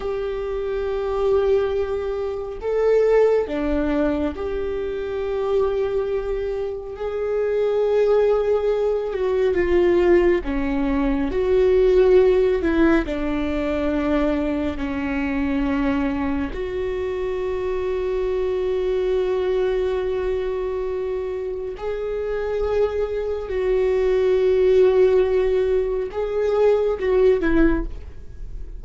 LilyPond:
\new Staff \with { instrumentName = "viola" } { \time 4/4 \tempo 4 = 69 g'2. a'4 | d'4 g'2. | gis'2~ gis'8 fis'8 f'4 | cis'4 fis'4. e'8 d'4~ |
d'4 cis'2 fis'4~ | fis'1~ | fis'4 gis'2 fis'4~ | fis'2 gis'4 fis'8 e'8 | }